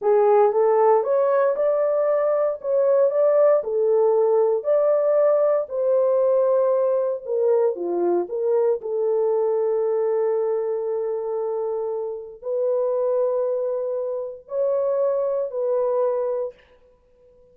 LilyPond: \new Staff \with { instrumentName = "horn" } { \time 4/4 \tempo 4 = 116 gis'4 a'4 cis''4 d''4~ | d''4 cis''4 d''4 a'4~ | a'4 d''2 c''4~ | c''2 ais'4 f'4 |
ais'4 a'2.~ | a'1 | b'1 | cis''2 b'2 | }